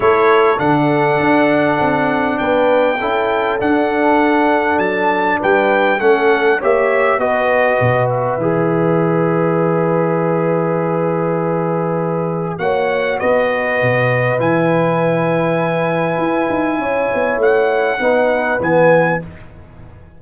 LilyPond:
<<
  \new Staff \with { instrumentName = "trumpet" } { \time 4/4 \tempo 4 = 100 cis''4 fis''2. | g''2 fis''2 | a''4 g''4 fis''4 e''4 | dis''4. e''2~ e''8~ |
e''1~ | e''4 fis''4 dis''2 | gis''1~ | gis''4 fis''2 gis''4 | }
  \new Staff \with { instrumentName = "horn" } { \time 4/4 a'1 | b'4 a'2.~ | a'4 b'4 a'4 cis''4 | b'1~ |
b'1~ | b'4 cis''4 b'2~ | b'1 | cis''2 b'2 | }
  \new Staff \with { instrumentName = "trombone" } { \time 4/4 e'4 d'2.~ | d'4 e'4 d'2~ | d'2 cis'4 g'4 | fis'2 gis'2~ |
gis'1~ | gis'4 fis'2. | e'1~ | e'2 dis'4 b4 | }
  \new Staff \with { instrumentName = "tuba" } { \time 4/4 a4 d4 d'4 c'4 | b4 cis'4 d'2 | fis4 g4 a4 ais4 | b4 b,4 e2~ |
e1~ | e4 ais4 b4 b,4 | e2. e'8 dis'8 | cis'8 b8 a4 b4 e4 | }
>>